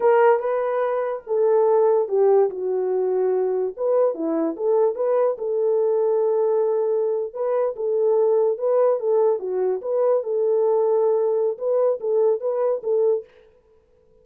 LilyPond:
\new Staff \with { instrumentName = "horn" } { \time 4/4 \tempo 4 = 145 ais'4 b'2 a'4~ | a'4 g'4 fis'2~ | fis'4 b'4 e'4 a'4 | b'4 a'2.~ |
a'4.~ a'16 b'4 a'4~ a'16~ | a'8. b'4 a'4 fis'4 b'16~ | b'8. a'2.~ a'16 | b'4 a'4 b'4 a'4 | }